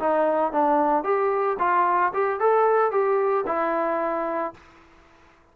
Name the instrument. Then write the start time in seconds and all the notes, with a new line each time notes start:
trombone
0.00 D#4
0.53 D4
1.04 G4
1.59 F4
2.14 G4
2.40 A4
2.92 G4
3.47 E4